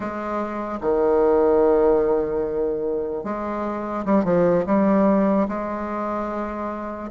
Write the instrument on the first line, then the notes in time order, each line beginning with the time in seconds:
bassoon
0.00 G#3
0.80 D#3
3.24 G#3
4.05 G3
4.24 F3
4.66 G3
5.48 G#3